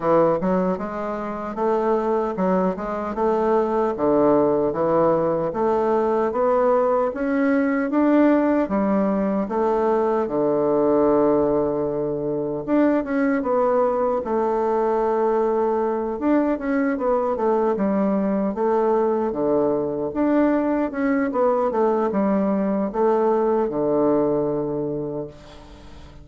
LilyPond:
\new Staff \with { instrumentName = "bassoon" } { \time 4/4 \tempo 4 = 76 e8 fis8 gis4 a4 fis8 gis8 | a4 d4 e4 a4 | b4 cis'4 d'4 g4 | a4 d2. |
d'8 cis'8 b4 a2~ | a8 d'8 cis'8 b8 a8 g4 a8~ | a8 d4 d'4 cis'8 b8 a8 | g4 a4 d2 | }